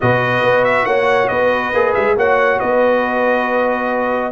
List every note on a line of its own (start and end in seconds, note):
0.00 0.42 B2
0.00 1.73 F#4
0.00 0.86 B4
0.00 0.64 D#5
0.42 0.85 B3
0.64 0.85 E5
0.85 1.28 A#3
0.85 1.29 C#5
0.85 1.28 F#5
1.28 1.73 B3
1.28 2.16 B4
1.28 1.93 D#5
1.73 1.95 A#3
1.73 2.17 G#4
1.94 2.16 G#3
1.94 2.15 E5
2.16 2.59 A#3
2.16 4.32 F#4
2.16 2.58 C#5
2.16 2.59 F#5
2.58 4.32 B3
2.58 4.31 B4
2.58 4.32 D#5